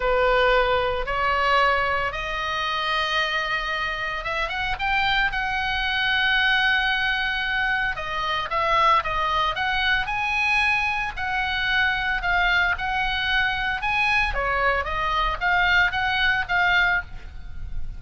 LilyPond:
\new Staff \with { instrumentName = "oboe" } { \time 4/4 \tempo 4 = 113 b'2 cis''2 | dis''1 | e''8 fis''8 g''4 fis''2~ | fis''2. dis''4 |
e''4 dis''4 fis''4 gis''4~ | gis''4 fis''2 f''4 | fis''2 gis''4 cis''4 | dis''4 f''4 fis''4 f''4 | }